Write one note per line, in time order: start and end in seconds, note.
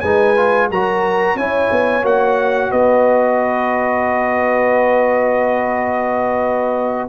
0.00 0.70 G#3
0.00 0.36 D#4
0.00 0.69 B4
0.00 0.67 G#5
0.36 0.70 F4
0.70 1.35 F#3
0.70 1.38 F#4
0.70 1.37 A#4
0.70 1.37 A#5
1.35 1.69 C#4
1.35 2.03 E4
1.35 2.70 C#5
1.35 2.05 G#5
1.71 2.03 B3
2.03 2.71 A#3
2.03 7.08 F#4
2.03 2.71 F#5
2.70 7.08 B3
2.70 7.08 B4
2.70 7.08 D#5